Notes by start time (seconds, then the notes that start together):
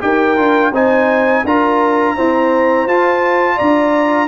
0.00 D#4 G4 A#4 G5
0.36 D4 F4
0.71 C4 D#4 C5 G#5
1.43 D4 F4 A#4 A#5
2.16 C4 E4 C5
2.86 F4 A5
3.56 D4 D5 A#5